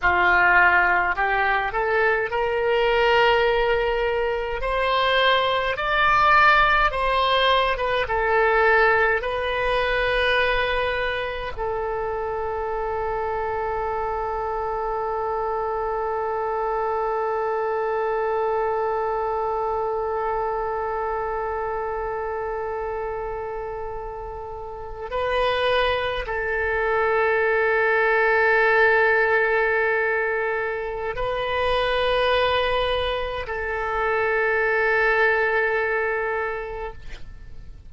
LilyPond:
\new Staff \with { instrumentName = "oboe" } { \time 4/4 \tempo 4 = 52 f'4 g'8 a'8 ais'2 | c''4 d''4 c''8. b'16 a'4 | b'2 a'2~ | a'1~ |
a'1~ | a'4.~ a'16 b'4 a'4~ a'16~ | a'2. b'4~ | b'4 a'2. | }